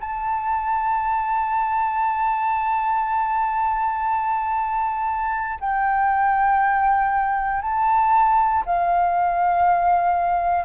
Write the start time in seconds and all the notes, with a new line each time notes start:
0.00 A5
5.60 G5
7.62 A5
8.66 F5